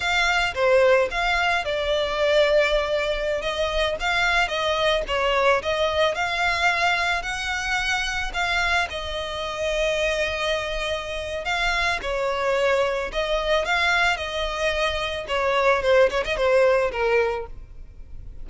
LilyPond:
\new Staff \with { instrumentName = "violin" } { \time 4/4 \tempo 4 = 110 f''4 c''4 f''4 d''4~ | d''2~ d''16 dis''4 f''8.~ | f''16 dis''4 cis''4 dis''4 f''8.~ | f''4~ f''16 fis''2 f''8.~ |
f''16 dis''2.~ dis''8.~ | dis''4 f''4 cis''2 | dis''4 f''4 dis''2 | cis''4 c''8 cis''16 dis''16 c''4 ais'4 | }